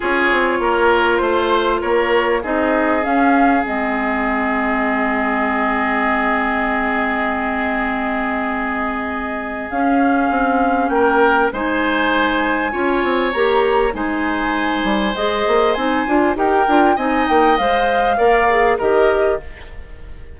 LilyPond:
<<
  \new Staff \with { instrumentName = "flute" } { \time 4/4 \tempo 4 = 99 cis''2 c''4 cis''4 | dis''4 f''4 dis''2~ | dis''1~ | dis''1 |
f''2 g''4 gis''4~ | gis''2 ais''4 gis''4~ | gis''4 dis''4 gis''4 g''4 | gis''8 g''8 f''2 dis''4 | }
  \new Staff \with { instrumentName = "oboe" } { \time 4/4 gis'4 ais'4 c''4 ais'4 | gis'1~ | gis'1~ | gis'1~ |
gis'2 ais'4 c''4~ | c''4 cis''2 c''4~ | c''2. ais'4 | dis''2 d''4 ais'4 | }
  \new Staff \with { instrumentName = "clarinet" } { \time 4/4 f'1 | dis'4 cis'4 c'2~ | c'1~ | c'1 |
cis'2. dis'4~ | dis'4 f'4 g'4 dis'4~ | dis'4 gis'4 dis'8 f'8 g'8 f'8 | dis'4 c''4 ais'8 gis'8 g'4 | }
  \new Staff \with { instrumentName = "bassoon" } { \time 4/4 cis'8 c'8 ais4 a4 ais4 | c'4 cis'4 gis2~ | gis1~ | gis1 |
cis'4 c'4 ais4 gis4~ | gis4 cis'8 c'8 ais4 gis4~ | gis8 g8 gis8 ais8 c'8 d'8 dis'8 d'8 | c'8 ais8 gis4 ais4 dis4 | }
>>